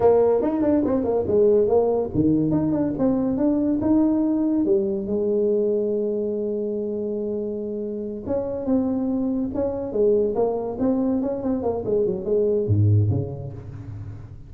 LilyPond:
\new Staff \with { instrumentName = "tuba" } { \time 4/4 \tempo 4 = 142 ais4 dis'8 d'8 c'8 ais8 gis4 | ais4 dis4 dis'8 d'8 c'4 | d'4 dis'2 g4 | gis1~ |
gis2.~ gis8 cis'8~ | cis'8 c'2 cis'4 gis8~ | gis8 ais4 c'4 cis'8 c'8 ais8 | gis8 fis8 gis4 gis,4 cis4 | }